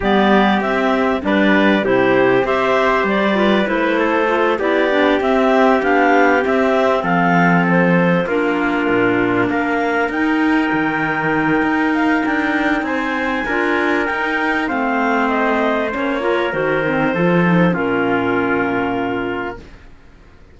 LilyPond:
<<
  \new Staff \with { instrumentName = "clarinet" } { \time 4/4 \tempo 4 = 98 d''4 e''4 d''4 c''4 | e''4 d''4 c''4. d''8~ | d''8 e''4 f''4 e''4 f''8~ | f''8 c''4 ais'2 f''8~ |
f''8 g''2. f''8 | g''4 gis''2 g''4 | f''4 dis''4 cis''4 c''4~ | c''4 ais'2. | }
  \new Staff \with { instrumentName = "trumpet" } { \time 4/4 g'2 b'4 g'4 | c''4. b'4 a'4 g'8~ | g'2.~ g'8 a'8~ | a'4. f'2 ais'8~ |
ais'1~ | ais'4 c''4 ais'2 | c''2~ c''8 ais'4. | a'4 f'2. | }
  \new Staff \with { instrumentName = "clarinet" } { \time 4/4 b4 c'4 d'4 e'4 | g'4. f'8 e'4 f'8 e'8 | d'8 c'4 d'4 c'4.~ | c'4. d'2~ d'8~ |
d'8 dis'2.~ dis'8~ | dis'2 f'4 dis'4 | c'2 cis'8 f'8 fis'8 c'8 | f'8 dis'8 cis'2. | }
  \new Staff \with { instrumentName = "cello" } { \time 4/4 g4 c'4 g4 c4 | c'4 g4 a4. b8~ | b8 c'4 b4 c'4 f8~ | f4. ais4 ais,4 ais8~ |
ais8 dis'4 dis4. dis'4 | d'4 c'4 d'4 dis'4 | a2 ais4 dis4 | f4 ais,2. | }
>>